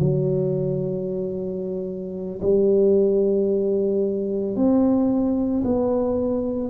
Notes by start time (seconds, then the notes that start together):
0.00 F#3
2.42 G3
4.56 C4
5.64 B3